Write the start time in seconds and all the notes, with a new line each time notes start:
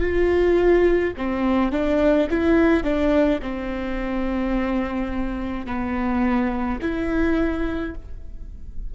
0.00 F4
1.17 C4
1.71 D4
2.30 E4
2.84 D4
3.42 C4
5.66 B3
6.81 E4